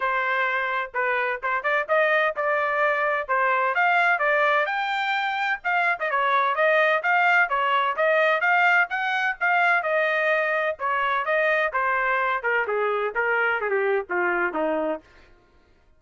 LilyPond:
\new Staff \with { instrumentName = "trumpet" } { \time 4/4 \tempo 4 = 128 c''2 b'4 c''8 d''8 | dis''4 d''2 c''4 | f''4 d''4 g''2 | f''8. dis''16 cis''4 dis''4 f''4 |
cis''4 dis''4 f''4 fis''4 | f''4 dis''2 cis''4 | dis''4 c''4. ais'8 gis'4 | ais'4 gis'16 g'8. f'4 dis'4 | }